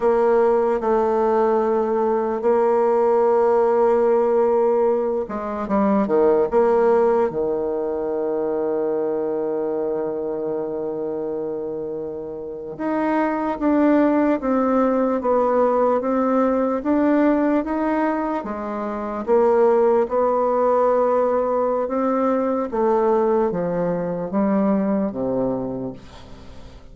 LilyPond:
\new Staff \with { instrumentName = "bassoon" } { \time 4/4 \tempo 4 = 74 ais4 a2 ais4~ | ais2~ ais8 gis8 g8 dis8 | ais4 dis2.~ | dis2.~ dis8. dis'16~ |
dis'8. d'4 c'4 b4 c'16~ | c'8. d'4 dis'4 gis4 ais16~ | ais8. b2~ b16 c'4 | a4 f4 g4 c4 | }